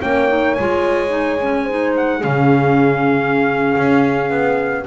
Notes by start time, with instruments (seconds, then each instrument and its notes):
0.00 double bass A#3, clarinet C#4, horn C#5, trumpet G5
0.28 clarinet D#4
0.54 double bass G#3, clarinet F4, trumpet G#5
1.08 clarinet D#4
1.42 clarinet C#4
1.64 clarinet D#4, horn C5
1.97 trumpet F#5
2.21 double bass C#3, clarinet C#4, horn G#4, trumpet F5
3.78 double bass C#4
4.30 double bass B3